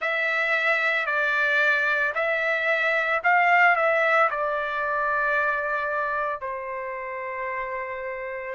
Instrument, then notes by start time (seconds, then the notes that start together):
trumpet
0.00 E5
1.06 D5
2.14 E5
3.23 F5
3.75 E5
4.30 D5
6.40 C5